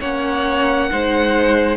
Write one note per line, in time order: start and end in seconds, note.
0.00 0.91 A#3
0.00 0.90 C#4
0.00 0.90 C#5
0.00 1.76 F#5
0.90 1.76 G#3
0.90 1.76 D#4
0.90 1.76 C5